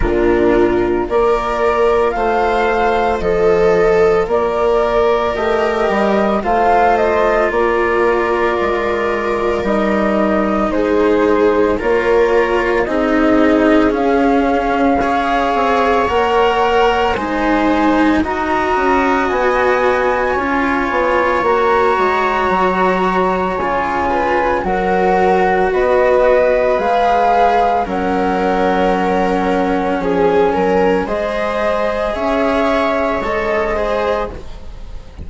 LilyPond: <<
  \new Staff \with { instrumentName = "flute" } { \time 4/4 \tempo 4 = 56 ais'4 d''4 f''4 dis''4 | d''4 dis''4 f''8 dis''8 d''4~ | d''4 dis''4 c''4 cis''4 | dis''4 f''2 fis''4 |
gis''4 ais''4 gis''2 | ais''2 gis''4 fis''4 | dis''4 f''4 fis''2 | gis''4 dis''4 e''4 dis''4 | }
  \new Staff \with { instrumentName = "viola" } { \time 4/4 f'4 ais'4 c''4 a'4 | ais'2 c''4 ais'4~ | ais'2 gis'4 ais'4 | gis'2 cis''2 |
c''4 dis''2 cis''4~ | cis''2~ cis''8 b'8 ais'4 | b'2 ais'2 | gis'8 ais'8 c''4 cis''4. c''8 | }
  \new Staff \with { instrumentName = "cello" } { \time 4/4 d'4 f'2.~ | f'4 g'4 f'2~ | f'4 dis'2 f'4 | dis'4 cis'4 gis'4 ais'4 |
dis'4 fis'2 f'4 | fis'2 f'4 fis'4~ | fis'4 gis'4 cis'2~ | cis'4 gis'2 a'8 gis'8 | }
  \new Staff \with { instrumentName = "bassoon" } { \time 4/4 ais,4 ais4 a4 f4 | ais4 a8 g8 a4 ais4 | gis4 g4 gis4 ais4 | c'4 cis'4. c'8 ais4 |
gis4 dis'8 cis'8 b4 cis'8 b8 | ais8 gis8 fis4 cis4 fis4 | b4 gis4 fis2 | f8 fis8 gis4 cis'4 gis4 | }
>>